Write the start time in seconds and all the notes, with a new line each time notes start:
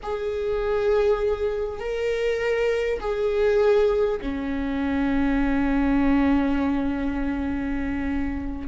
0.02 G#4
1.79 A#4
3.00 G#4
4.21 C#4